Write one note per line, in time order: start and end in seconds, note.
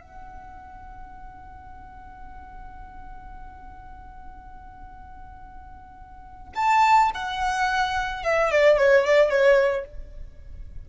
0.00 6.53 F#5
6.55 7.10 A5
7.14 8.23 F#5
8.23 8.51 E5
8.51 8.77 D5
8.77 9.05 C#5
9.05 9.30 D5
9.30 9.85 C#5